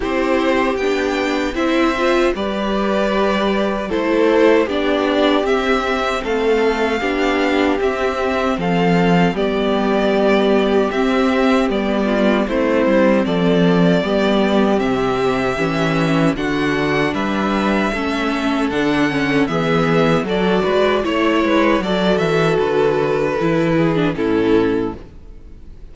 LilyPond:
<<
  \new Staff \with { instrumentName = "violin" } { \time 4/4 \tempo 4 = 77 c''4 g''4 e''4 d''4~ | d''4 c''4 d''4 e''4 | f''2 e''4 f''4 | d''2 e''4 d''4 |
c''4 d''2 e''4~ | e''4 fis''4 e''2 | fis''4 e''4 d''4 cis''4 | d''8 e''8 b'2 a'4 | }
  \new Staff \with { instrumentName = "violin" } { \time 4/4 g'2 c''4 b'4~ | b'4 a'4 g'2 | a'4 g'2 a'4 | g'2.~ g'8 f'8 |
e'4 a'4 g'2~ | g'4 fis'4 b'4 a'4~ | a'4 gis'4 a'8 b'8 cis''8 b'8 | a'2~ a'8 gis'8 e'4 | }
  \new Staff \with { instrumentName = "viola" } { \time 4/4 e'4 d'4 e'8 f'8 g'4~ | g'4 e'4 d'4 c'4~ | c'4 d'4 c'2 | b2 c'4 b4 |
c'2 b4 c'4 | cis'4 d'2 cis'4 | d'8 cis'8 b4 fis'4 e'4 | fis'2 e'8. d'16 cis'4 | }
  \new Staff \with { instrumentName = "cello" } { \time 4/4 c'4 b4 c'4 g4~ | g4 a4 b4 c'4 | a4 b4 c'4 f4 | g2 c'4 g4 |
a8 g8 f4 g4 c4 | e4 d4 g4 a4 | d4 e4 fis8 gis8 a8 gis8 | fis8 e8 d4 e4 a,4 | }
>>